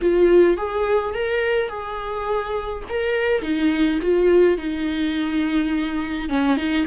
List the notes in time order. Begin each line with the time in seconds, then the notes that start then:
0.01 F4
0.57 G#4
1.14 A#4
1.69 G#4
2.89 A#4
3.42 D#4
4.01 F4
4.57 D#4
6.29 C#4
6.56 D#4